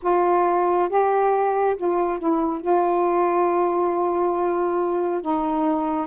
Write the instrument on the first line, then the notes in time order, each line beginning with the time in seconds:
saxophone
0.02 F4
0.89 G4
1.76 F4
2.19 E4
2.61 F4
5.21 D#4